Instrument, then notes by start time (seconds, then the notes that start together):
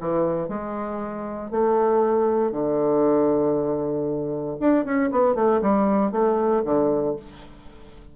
bassoon
0.00 E3
0.48 G#3
1.51 A3
2.52 D3
4.60 D4
4.85 C#4
5.11 B3
5.35 A3
5.62 G3
6.11 A3
6.65 D3